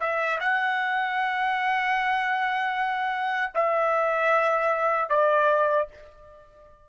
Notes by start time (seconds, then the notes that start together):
0.00 E5
0.40 F#5
3.55 E5
5.10 D5